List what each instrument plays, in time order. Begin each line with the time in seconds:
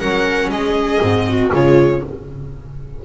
0.00 double bass F#3, viola C#4 A#4, violin F#5
0.50 double bass G#3, viola G#4, violin D#5
1.01 double bass G#2, viola C4
1.29 viola F#4
1.51 double bass C#3, viola G#3 F4, violin C#5